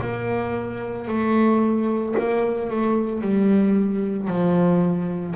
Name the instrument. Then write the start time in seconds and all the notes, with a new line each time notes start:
double bass
0.00 A#3
1.07 A3
2.18 A#3
2.70 A3
3.21 G3
4.27 F3